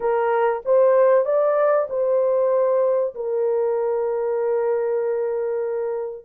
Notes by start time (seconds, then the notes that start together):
0.00 A#4
0.65 C5
1.25 D5
1.89 C5
3.14 A#4